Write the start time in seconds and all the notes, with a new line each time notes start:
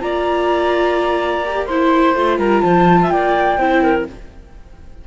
0.00 A#3 F4 D5 A#5
1.44 G4
1.66 E4 C5 C6
2.14 A3 F4
2.38 G3 A#4 A#5
2.61 F3 C5 A5
3.02 E5
3.08 A#3 D5 G5
3.57 C4 E4 C5
3.82 A#4